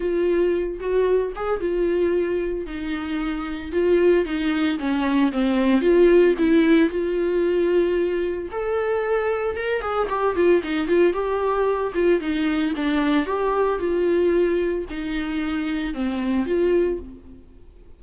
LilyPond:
\new Staff \with { instrumentName = "viola" } { \time 4/4 \tempo 4 = 113 f'4. fis'4 gis'8 f'4~ | f'4 dis'2 f'4 | dis'4 cis'4 c'4 f'4 | e'4 f'2. |
a'2 ais'8 gis'8 g'8 f'8 | dis'8 f'8 g'4. f'8 dis'4 | d'4 g'4 f'2 | dis'2 c'4 f'4 | }